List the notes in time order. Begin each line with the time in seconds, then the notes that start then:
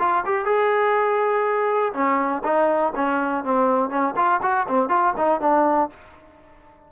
0.00 F4
0.26 G4
0.46 G#4
1.94 C#4
2.44 D#4
2.96 C#4
3.45 C4
3.90 C#4
4.16 F4
4.43 F#4
4.69 C4
4.90 F4
5.18 D#4
5.41 D4